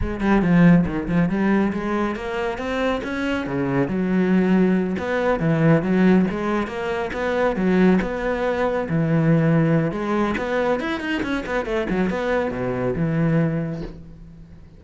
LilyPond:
\new Staff \with { instrumentName = "cello" } { \time 4/4 \tempo 4 = 139 gis8 g8 f4 dis8 f8 g4 | gis4 ais4 c'4 cis'4 | cis4 fis2~ fis8 b8~ | b8 e4 fis4 gis4 ais8~ |
ais8 b4 fis4 b4.~ | b8 e2~ e8 gis4 | b4 e'8 dis'8 cis'8 b8 a8 fis8 | b4 b,4 e2 | }